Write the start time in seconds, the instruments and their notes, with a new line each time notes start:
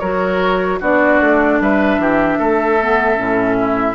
0.00 bassoon F#3, clarinet F#4, oboe A#4, flute C#5
0.80 bassoon B3, clarinet D4, oboe F#4, flute D5
1.21 bassoon A3
1.60 bassoon G3, oboe B4, flute E5
1.98 bassoon E3, oboe G4
2.38 bassoon A3, oboe A4
2.80 clarinet B3
3.15 bassoon A2, clarinet C#4
3.60 oboe E4